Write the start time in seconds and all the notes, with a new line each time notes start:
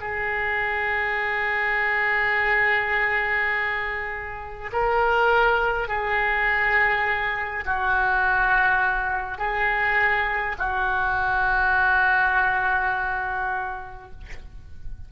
0.00 G#4
4.72 A#4
5.87 G#4
7.65 F#4
9.37 G#4
10.58 F#4